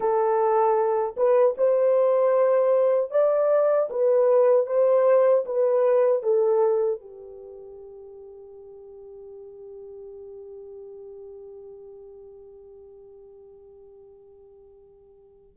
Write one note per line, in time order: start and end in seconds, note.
0.00 1.15 A4
1.17 1.55 B4
1.57 3.11 C5
3.11 3.89 D5
3.90 4.66 B4
4.66 5.44 C5
5.45 6.22 B4
6.22 7.00 A4
7.00 15.56 G4